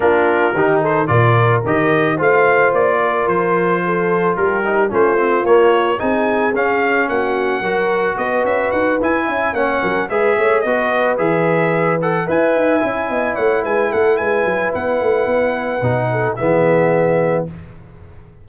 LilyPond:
<<
  \new Staff \with { instrumentName = "trumpet" } { \time 4/4 \tempo 4 = 110 ais'4. c''8 d''4 dis''4 | f''4 d''4 c''2 | ais'4 c''4 cis''4 gis''4 | f''4 fis''2 dis''8 e''8 |
fis''8 gis''4 fis''4 e''4 dis''8~ | dis''8 e''4. fis''8 gis''4.~ | gis''8 fis''8 gis''8 fis''8 gis''4 fis''4~ | fis''2 e''2 | }
  \new Staff \with { instrumentName = "horn" } { \time 4/4 f'4 g'8 a'8 ais'2 | c''4. ais'4. a'4 | g'4 f'2 gis'4~ | gis'4 fis'4 ais'4 b'4~ |
b'4 e''8 cis''8 ais'8 b'8 cis''8 b'8~ | b'2~ b'8 e''4. | dis''8 cis''8 b'8 a'8 b'2~ | b'4. a'8 gis'2 | }
  \new Staff \with { instrumentName = "trombone" } { \time 4/4 d'4 dis'4 f'4 g'4 | f'1~ | f'8 dis'8 cis'8 c'8 ais4 dis'4 | cis'2 fis'2~ |
fis'8 e'4 cis'4 gis'4 fis'8~ | fis'8 gis'4. a'8 b'4 e'8~ | e'1~ | e'4 dis'4 b2 | }
  \new Staff \with { instrumentName = "tuba" } { \time 4/4 ais4 dis4 ais,4 dis4 | a4 ais4 f2 | g4 a4 ais4 c'4 | cis'4 ais4 fis4 b8 cis'8 |
dis'8 e'8 cis'8 ais8 fis8 gis8 a8 b8~ | b8 e2 e'8 dis'8 cis'8 | b8 a8 gis8 a8 gis8 fis8 b8 a8 | b4 b,4 e2 | }
>>